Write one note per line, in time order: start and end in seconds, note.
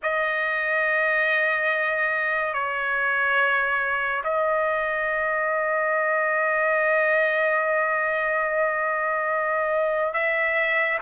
0.02 2.54 D#5
2.54 4.23 C#5
4.23 10.13 D#5
10.13 10.98 E5